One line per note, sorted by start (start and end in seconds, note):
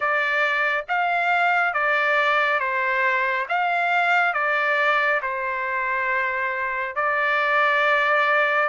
0.00 0.85 D5
0.88 1.73 F5
1.73 2.59 D5
2.59 3.46 C5
3.49 4.33 F5
4.33 5.20 D5
5.22 6.95 C5
6.95 8.68 D5